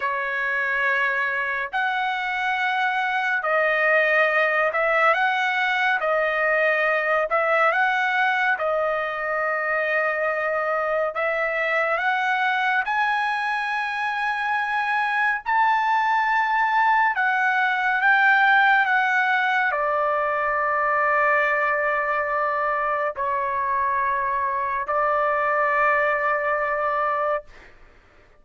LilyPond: \new Staff \with { instrumentName = "trumpet" } { \time 4/4 \tempo 4 = 70 cis''2 fis''2 | dis''4. e''8 fis''4 dis''4~ | dis''8 e''8 fis''4 dis''2~ | dis''4 e''4 fis''4 gis''4~ |
gis''2 a''2 | fis''4 g''4 fis''4 d''4~ | d''2. cis''4~ | cis''4 d''2. | }